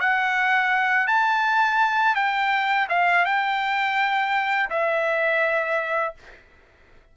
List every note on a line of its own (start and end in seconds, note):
0.00 1.07 F#5
1.07 2.15 A5
2.15 2.88 G5
2.89 3.25 F5
3.25 4.70 G5
4.70 6.14 E5